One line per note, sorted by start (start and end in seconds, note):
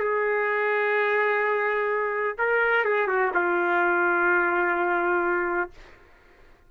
0.00 2.36 G#4
2.39 2.85 A#4
2.85 3.08 G#4
3.08 3.31 F#4
3.35 5.71 F4